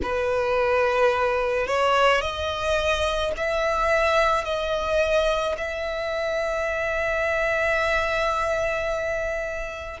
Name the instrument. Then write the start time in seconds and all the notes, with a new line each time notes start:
violin
0.02 B4
1.67 C#5
2.21 D#5
3.36 E5
4.44 D#5
5.57 E5